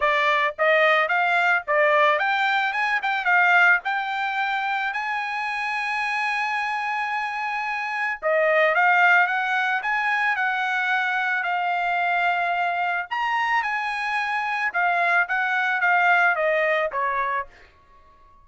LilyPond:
\new Staff \with { instrumentName = "trumpet" } { \time 4/4 \tempo 4 = 110 d''4 dis''4 f''4 d''4 | g''4 gis''8 g''8 f''4 g''4~ | g''4 gis''2.~ | gis''2. dis''4 |
f''4 fis''4 gis''4 fis''4~ | fis''4 f''2. | ais''4 gis''2 f''4 | fis''4 f''4 dis''4 cis''4 | }